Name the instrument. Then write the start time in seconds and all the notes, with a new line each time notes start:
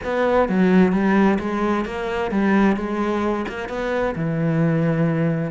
cello
0.04 B3
0.48 F#3
0.92 G3
1.39 G#3
1.85 A#3
2.31 G3
2.76 G#3
3.48 A#3
3.68 B3
4.15 E3